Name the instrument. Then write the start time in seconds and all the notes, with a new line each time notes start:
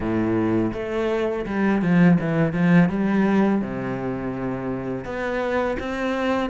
cello
0.00 A2
0.73 A3
1.46 G3
1.82 F3
2.19 E3
2.53 F3
2.89 G3
3.61 C3
5.04 B3
5.79 C4